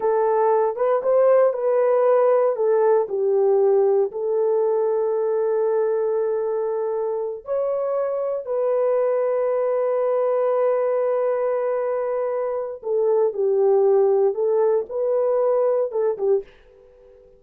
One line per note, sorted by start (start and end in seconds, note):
0.00 0.76 A4
0.76 1.01 B4
1.03 1.53 C5
1.53 2.55 B4
2.56 3.07 A4
3.08 4.11 G4
4.11 7.44 A4
7.44 8.45 C#5
8.45 12.81 B4
12.82 13.33 A4
13.33 14.34 G4
14.34 14.85 A4
14.89 15.91 B4
15.91 16.17 A4
16.17 16.43 G4